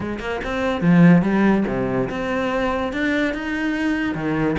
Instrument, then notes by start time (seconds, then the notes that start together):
cello
0.00 G#3
0.19 A#3
0.44 C4
0.81 F3
1.22 G3
1.67 C3
2.09 C4
2.92 D4
3.34 D#4
4.14 D#3